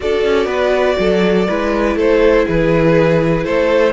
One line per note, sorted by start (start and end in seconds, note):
0.00 0.24 D4
0.00 1.46 F#4
0.00 0.46 A4
0.00 1.98 D5
0.24 0.45 C#4
0.45 0.94 B3
0.45 0.95 B4
0.98 1.48 F#3
0.98 1.47 A4
1.47 1.95 G#3
1.47 3.92 E4
1.47 1.96 B4
1.95 2.45 A3
1.95 2.45 A4
1.95 2.48 C5
2.45 3.45 E3
2.45 3.44 G#4
2.45 3.44 B4
3.44 3.92 A3
3.44 3.92 A4
3.44 3.92 C5